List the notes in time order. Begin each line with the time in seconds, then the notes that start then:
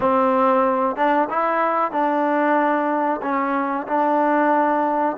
0.00 C4
0.96 D4
1.29 E4
1.91 D4
3.22 C#4
3.87 D4